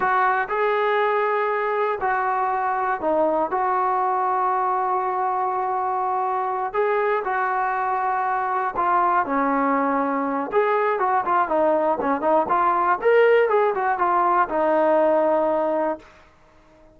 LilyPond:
\new Staff \with { instrumentName = "trombone" } { \time 4/4 \tempo 4 = 120 fis'4 gis'2. | fis'2 dis'4 fis'4~ | fis'1~ | fis'4. gis'4 fis'4.~ |
fis'4. f'4 cis'4.~ | cis'4 gis'4 fis'8 f'8 dis'4 | cis'8 dis'8 f'4 ais'4 gis'8 fis'8 | f'4 dis'2. | }